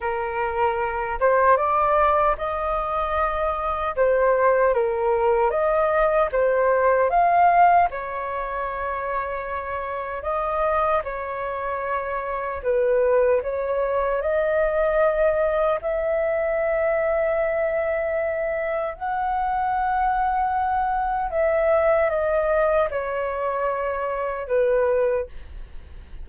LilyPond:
\new Staff \with { instrumentName = "flute" } { \time 4/4 \tempo 4 = 76 ais'4. c''8 d''4 dis''4~ | dis''4 c''4 ais'4 dis''4 | c''4 f''4 cis''2~ | cis''4 dis''4 cis''2 |
b'4 cis''4 dis''2 | e''1 | fis''2. e''4 | dis''4 cis''2 b'4 | }